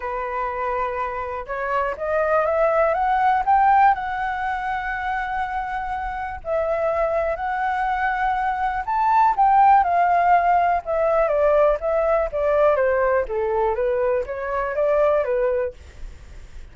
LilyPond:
\new Staff \with { instrumentName = "flute" } { \time 4/4 \tempo 4 = 122 b'2. cis''4 | dis''4 e''4 fis''4 g''4 | fis''1~ | fis''4 e''2 fis''4~ |
fis''2 a''4 g''4 | f''2 e''4 d''4 | e''4 d''4 c''4 a'4 | b'4 cis''4 d''4 b'4 | }